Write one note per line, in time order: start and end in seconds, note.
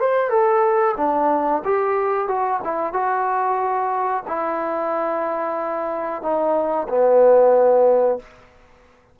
0.00 0.29 C5
0.29 0.95 A4
0.97 1.62 D4
1.65 2.28 G4
2.28 2.60 F#4
2.64 2.93 E4
2.93 4.23 F#4
4.27 6.22 E4
6.22 6.87 D#4
6.88 8.19 B3